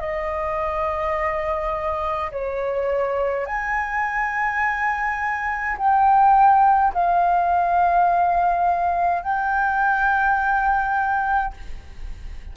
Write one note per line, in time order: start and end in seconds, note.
0.00 2.31 D#5
2.32 3.46 C#5
3.46 5.77 G#5
5.78 6.93 G5
6.94 9.23 F5
9.23 11.54 G5